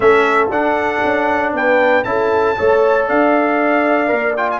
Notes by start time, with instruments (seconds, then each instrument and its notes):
0.00 tuba A3, trombone C#4, horn A4, trumpet E5
0.50 tuba D4, trombone D4, trumpet F#5
1.04 tuba C#4
1.53 tuba B3, horn B4, trumpet G5
2.03 tuba C#4, trombone E4, horn A4, trumpet A5
2.56 tuba A3, trombone A4, horn C#5
3.07 tuba D4, horn D5, trumpet F5
4.07 tuba A#3, trombone A#4
4.36 trombone F4, trumpet G5
4.50 trumpet G#5